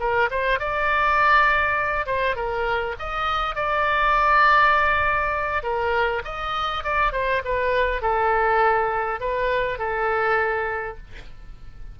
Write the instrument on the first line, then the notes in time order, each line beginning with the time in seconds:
oboe
0.00 A#4
0.31 C5
0.59 D5
2.06 C5
2.36 A#4
2.99 D#5
3.56 D5
5.63 A#4
6.25 D#5
6.84 D5
7.12 C5
7.45 B4
8.02 A4
9.20 B4
9.79 A4